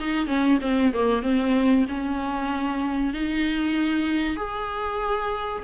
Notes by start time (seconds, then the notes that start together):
0.00 D#4
0.27 C#4
0.61 C4
0.93 A#3
1.23 C4
1.89 C#4
3.14 D#4
4.36 G#4